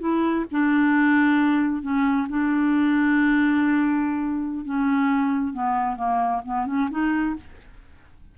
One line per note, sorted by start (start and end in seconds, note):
0.00 0.45 E4
0.51 1.82 D4
1.82 2.27 C#4
2.29 4.65 D4
4.65 5.53 C#4
5.53 5.97 B3
5.97 6.42 A#3
6.45 6.66 B3
6.66 6.89 C#4
6.91 7.36 D#4